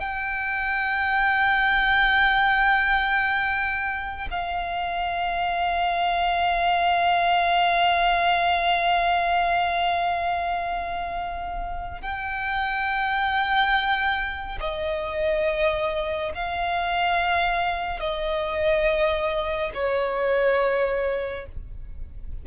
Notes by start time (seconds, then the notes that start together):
0.00 G5
4.31 F5
12.02 G5
14.61 D#5
16.34 F5
18.00 D#5
19.75 C#5